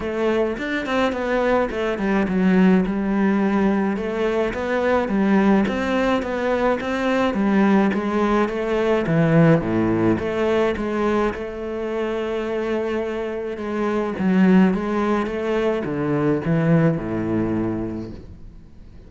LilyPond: \new Staff \with { instrumentName = "cello" } { \time 4/4 \tempo 4 = 106 a4 d'8 c'8 b4 a8 g8 | fis4 g2 a4 | b4 g4 c'4 b4 | c'4 g4 gis4 a4 |
e4 a,4 a4 gis4 | a1 | gis4 fis4 gis4 a4 | d4 e4 a,2 | }